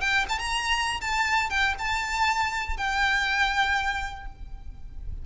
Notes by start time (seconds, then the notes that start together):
0.00 G5
0.28 A5
0.38 A#5
1.01 A5
1.49 G5
1.78 A5
2.77 G5